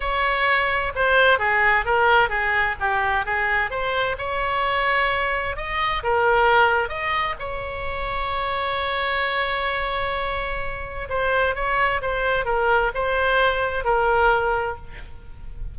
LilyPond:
\new Staff \with { instrumentName = "oboe" } { \time 4/4 \tempo 4 = 130 cis''2 c''4 gis'4 | ais'4 gis'4 g'4 gis'4 | c''4 cis''2. | dis''4 ais'2 dis''4 |
cis''1~ | cis''1 | c''4 cis''4 c''4 ais'4 | c''2 ais'2 | }